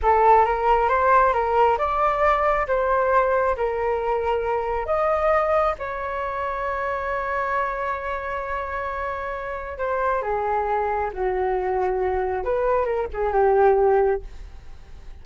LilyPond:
\new Staff \with { instrumentName = "flute" } { \time 4/4 \tempo 4 = 135 a'4 ais'4 c''4 ais'4 | d''2 c''2 | ais'2. dis''4~ | dis''4 cis''2.~ |
cis''1~ | cis''2 c''4 gis'4~ | gis'4 fis'2. | b'4 ais'8 gis'8 g'2 | }